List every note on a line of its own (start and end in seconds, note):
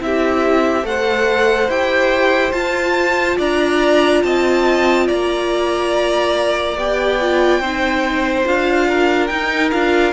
0.00 0.85 C4
0.00 0.83 E4
0.00 0.88 G4
0.00 0.86 E5
0.83 1.69 A3
0.83 1.68 A4
0.83 3.38 C5
0.83 1.71 F#5
1.69 2.53 E4
1.69 2.54 G4
1.69 2.52 G5
2.52 3.38 F4
2.52 6.76 F4
2.52 3.37 A5
3.38 4.24 D4
3.38 4.23 D5
3.38 4.23 A#5
4.23 5.09 C4
4.23 5.07 D#5
4.23 5.08 A5
5.07 6.77 A#3
5.07 7.61 D5
5.07 6.77 A#5
6.77 7.60 B3
6.77 7.20 G4
6.77 8.47 G5
7.21 7.63 F4
7.60 8.45 C4
7.60 8.45 D#4
7.60 8.87 C5
8.45 9.30 D4
8.45 9.30 F4
8.45 9.28 F5
8.88 10.13 A#4
9.28 9.73 D#4
9.28 9.70 G5
9.72 10.13 D4
9.72 10.13 F4
9.72 10.13 F5